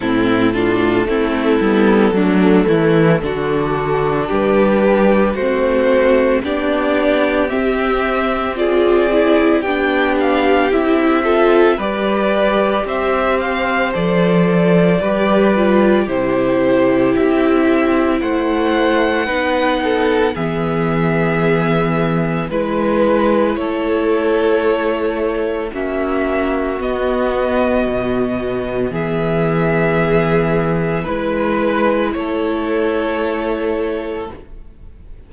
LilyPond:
<<
  \new Staff \with { instrumentName = "violin" } { \time 4/4 \tempo 4 = 56 a'1 | b'4 c''4 d''4 e''4 | d''4 g''8 f''8 e''4 d''4 | e''8 f''8 d''2 c''4 |
e''4 fis''2 e''4~ | e''4 b'4 cis''2 | e''4 dis''2 e''4~ | e''4 b'4 cis''2 | }
  \new Staff \with { instrumentName = "violin" } { \time 4/4 e'8 f'8 e'4 d'8 e'8 fis'4 | g'4 fis'4 g'2 | gis'4 g'4. a'8 b'4 | c''2 b'4 g'4~ |
g'4 c''4 b'8 a'8 gis'4~ | gis'4 b'4 a'2 | fis'2. gis'4~ | gis'4 b'4 a'2 | }
  \new Staff \with { instrumentName = "viola" } { \time 4/4 c'8 d'8 c'8 b8 a4 d'4~ | d'4 c'4 d'4 c'4 | f'8 e'8 d'4 e'8 f'8 g'4~ | g'4 a'4 g'8 f'8 e'4~ |
e'2 dis'4 b4~ | b4 e'2. | cis'4 b2.~ | b4 e'2. | }
  \new Staff \with { instrumentName = "cello" } { \time 4/4 a,4 a8 g8 fis8 e8 d4 | g4 a4 b4 c'4~ | c'4 b4 c'4 g4 | c'4 f4 g4 c4 |
c'4 a4 b4 e4~ | e4 gis4 a2 | ais4 b4 b,4 e4~ | e4 gis4 a2 | }
>>